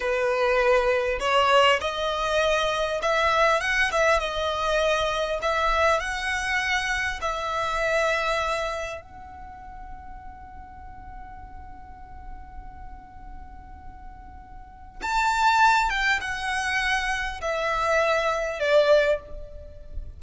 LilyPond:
\new Staff \with { instrumentName = "violin" } { \time 4/4 \tempo 4 = 100 b'2 cis''4 dis''4~ | dis''4 e''4 fis''8 e''8 dis''4~ | dis''4 e''4 fis''2 | e''2. fis''4~ |
fis''1~ | fis''1~ | fis''4 a''4. g''8 fis''4~ | fis''4 e''2 d''4 | }